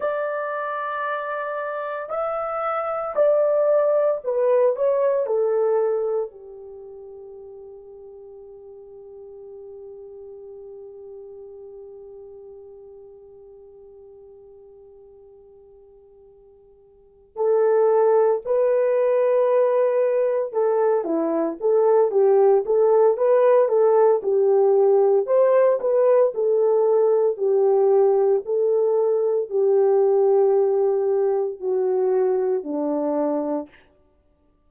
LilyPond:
\new Staff \with { instrumentName = "horn" } { \time 4/4 \tempo 4 = 57 d''2 e''4 d''4 | b'8 cis''8 a'4 g'2~ | g'1~ | g'1~ |
g'8 a'4 b'2 a'8 | e'8 a'8 g'8 a'8 b'8 a'8 g'4 | c''8 b'8 a'4 g'4 a'4 | g'2 fis'4 d'4 | }